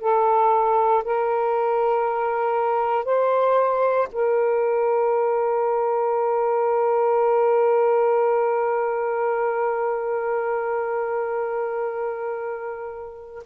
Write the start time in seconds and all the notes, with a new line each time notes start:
0.00 A4
1.04 A#4
3.04 C5
4.12 A#4